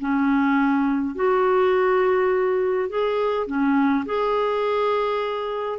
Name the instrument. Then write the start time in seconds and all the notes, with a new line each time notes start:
clarinet
0.00 C#4
1.15 F#4
2.89 G#4
3.47 C#4
4.06 G#4